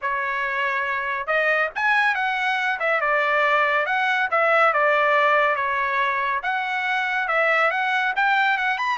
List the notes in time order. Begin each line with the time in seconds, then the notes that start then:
0.01 C#5
1.26 D#5
1.75 G#5
2.14 F#5
2.79 E5
3.00 D5
3.86 F#5
4.31 E5
4.73 D5
5.55 C#5
6.42 F#5
7.28 E5
7.70 F#5
8.16 G5
8.57 F#5
8.78 B5